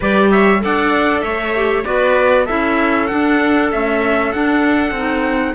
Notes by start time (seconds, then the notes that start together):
0.00 G3 G4 B4 D5
0.31 C#5 E5
0.59 D4 A4 D5 F#5
1.21 A3 C#5 E5
1.55 G4
1.84 B3 F#4 B4 D5
2.45 C#4 E4 A4 E5
3.07 D4 F#5
3.71 A3 C#4 E5
4.32 D4 F#5
4.91 C4 D#4